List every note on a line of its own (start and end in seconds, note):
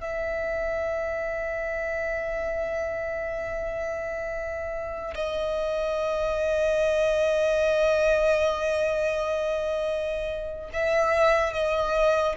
0.00 5.14 E5
5.14 10.69 D#5
10.73 11.53 E5
11.53 12.35 D#5